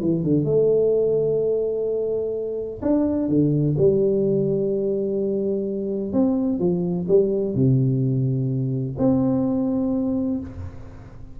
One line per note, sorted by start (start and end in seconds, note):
0.00 0.23 E3
0.23 0.45 D3
0.45 2.81 A3
2.82 3.29 D4
3.29 3.76 D3
3.78 6.12 G3
6.12 6.59 C4
6.59 7.07 F3
7.08 7.55 G3
7.55 8.96 C3
8.98 10.40 C4